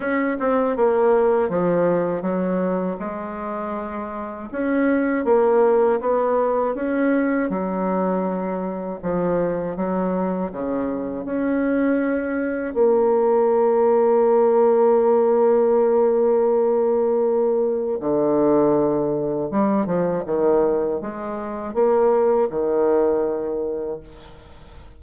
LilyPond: \new Staff \with { instrumentName = "bassoon" } { \time 4/4 \tempo 4 = 80 cis'8 c'8 ais4 f4 fis4 | gis2 cis'4 ais4 | b4 cis'4 fis2 | f4 fis4 cis4 cis'4~ |
cis'4 ais2.~ | ais1 | d2 g8 f8 dis4 | gis4 ais4 dis2 | }